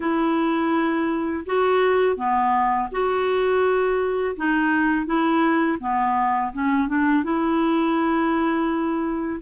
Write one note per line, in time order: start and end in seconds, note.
0.00 1.45 E4
1.46 2.16 F#4
2.16 2.88 B3
2.91 4.36 F#4
4.36 5.05 D#4
5.05 5.78 E4
5.79 6.52 B3
6.52 6.88 C#4
6.88 7.23 D4
7.23 9.40 E4